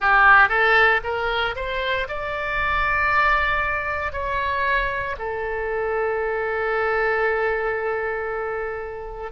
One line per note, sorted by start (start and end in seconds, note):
0.00 0.48 G4
0.48 1.00 A4
1.03 1.55 A#4
1.55 2.07 C5
2.08 4.12 D5
4.12 5.15 C#5
5.18 9.31 A4